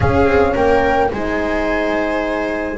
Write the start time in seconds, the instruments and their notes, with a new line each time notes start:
0.00 horn C#4, double bass C#4, viola G#4, flute F5
0.25 double bass C4
0.53 double bass A#3, viola A#4, flute G5
1.12 double bass G#3, horn D#4, viola C5, flute G#5